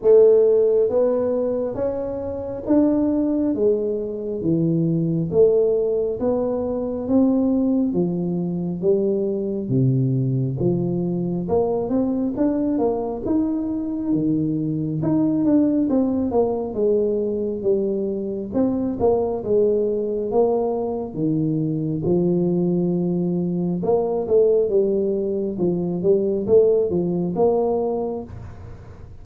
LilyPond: \new Staff \with { instrumentName = "tuba" } { \time 4/4 \tempo 4 = 68 a4 b4 cis'4 d'4 | gis4 e4 a4 b4 | c'4 f4 g4 c4 | f4 ais8 c'8 d'8 ais8 dis'4 |
dis4 dis'8 d'8 c'8 ais8 gis4 | g4 c'8 ais8 gis4 ais4 | dis4 f2 ais8 a8 | g4 f8 g8 a8 f8 ais4 | }